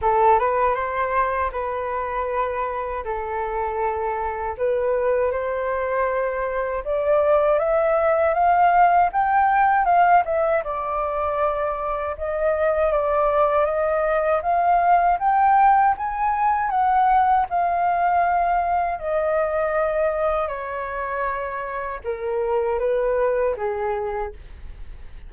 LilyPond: \new Staff \with { instrumentName = "flute" } { \time 4/4 \tempo 4 = 79 a'8 b'8 c''4 b'2 | a'2 b'4 c''4~ | c''4 d''4 e''4 f''4 | g''4 f''8 e''8 d''2 |
dis''4 d''4 dis''4 f''4 | g''4 gis''4 fis''4 f''4~ | f''4 dis''2 cis''4~ | cis''4 ais'4 b'4 gis'4 | }